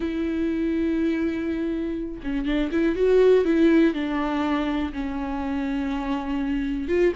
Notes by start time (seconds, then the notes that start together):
0.00 E4
2.23 C#4
2.45 D4
2.71 E4
2.95 F#4
3.44 E4
3.94 D4
4.93 C#4
6.88 F4